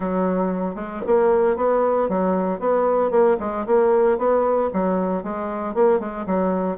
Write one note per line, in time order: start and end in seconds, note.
0.00 0.75 F#3
0.75 1.01 G#3
1.06 1.56 A#3
1.56 2.08 B3
2.08 2.59 F#3
2.59 3.10 B3
3.10 3.37 A#3
3.39 3.65 G#3
3.66 4.17 A#3
4.17 4.70 B3
4.73 5.23 F#3
5.23 5.74 G#3
5.74 5.99 A#3
5.99 6.25 G#3
6.26 6.77 F#3